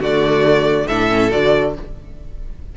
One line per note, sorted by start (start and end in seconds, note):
0.00 0.87 D3
0.00 0.87 A3
0.00 0.87 F#4
0.00 0.87 D5
0.87 1.32 A2
0.87 1.09 D4
0.87 1.75 A4
0.87 1.31 E5
1.09 1.30 C#4
1.30 1.77 D3
1.30 1.73 F#4
1.30 1.75 D5